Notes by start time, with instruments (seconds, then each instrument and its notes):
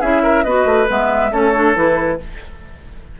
0.00 bassoon C#4, clarinet E4, oboe G#4, flute E5
0.22 oboe A#4
0.44 bassoon B3, clarinet F#4, oboe B4, flute D#5
0.65 bassoon A3
0.87 bassoon G#3, clarinet B3, flute E5
1.31 bassoon A3, clarinet C#4, oboe A4, flute C#5
1.54 clarinet D4
1.75 bassoon E3, clarinet E4, flute B4